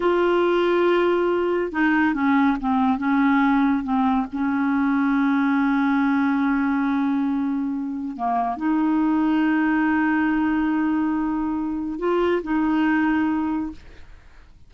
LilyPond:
\new Staff \with { instrumentName = "clarinet" } { \time 4/4 \tempo 4 = 140 f'1 | dis'4 cis'4 c'4 cis'4~ | cis'4 c'4 cis'2~ | cis'1~ |
cis'2. ais4 | dis'1~ | dis'1 | f'4 dis'2. | }